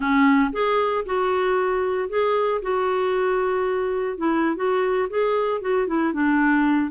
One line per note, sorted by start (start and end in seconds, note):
0.00 0.51 C#4
0.52 1.04 G#4
1.05 2.09 F#4
2.09 2.61 G#4
2.62 4.17 F#4
4.17 4.56 E4
4.56 5.08 F#4
5.09 5.61 G#4
5.61 5.87 F#4
5.87 6.13 E4
6.13 6.91 D4